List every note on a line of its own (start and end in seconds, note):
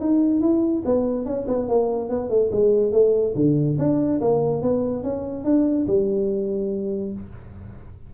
0.00 0.41 D#4
0.41 0.83 E4
0.85 1.26 B3
1.26 1.47 C#4
1.48 1.69 B3
1.69 2.09 A#3
2.09 2.30 B3
2.30 2.51 A3
2.52 2.92 G#3
2.92 3.34 A3
3.35 3.77 D3
3.79 4.21 D4
4.21 4.62 A#3
4.62 5.03 B3
5.03 5.45 C#4
5.45 5.87 D4
5.87 7.13 G3